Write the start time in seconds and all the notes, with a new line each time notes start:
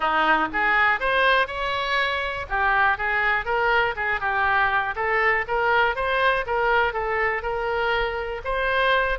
0.00 D#4
0.52 G#4
1.00 C5
1.47 C#5
2.49 G4
2.97 G#4
3.45 A#4
3.95 G#4
4.20 G4
4.95 A4
5.47 A#4
5.95 C5
6.46 A#4
6.93 A4
7.42 A#4
8.44 C5